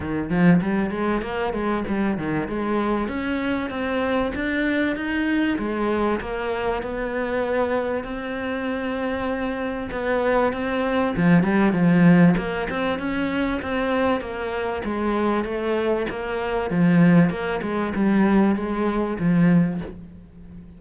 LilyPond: \new Staff \with { instrumentName = "cello" } { \time 4/4 \tempo 4 = 97 dis8 f8 g8 gis8 ais8 gis8 g8 dis8 | gis4 cis'4 c'4 d'4 | dis'4 gis4 ais4 b4~ | b4 c'2. |
b4 c'4 f8 g8 f4 | ais8 c'8 cis'4 c'4 ais4 | gis4 a4 ais4 f4 | ais8 gis8 g4 gis4 f4 | }